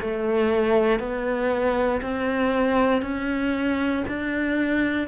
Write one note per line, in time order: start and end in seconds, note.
0.00 0.99 A3
0.99 2.01 B3
2.01 3.01 C4
3.01 4.03 C#4
4.08 5.08 D4